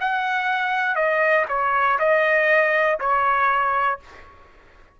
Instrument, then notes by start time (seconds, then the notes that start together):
trumpet
0.00 F#5
0.95 D#5
1.49 C#5
1.99 D#5
3.00 C#5